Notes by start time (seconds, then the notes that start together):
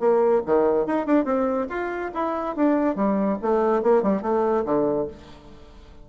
0.00 A#3
0.46 D#3
0.87 D#4
1.07 D4
1.25 C4
1.70 F4
2.14 E4
2.57 D4
2.96 G3
3.42 A3
3.83 A#3
4.03 G3
4.22 A3
4.66 D3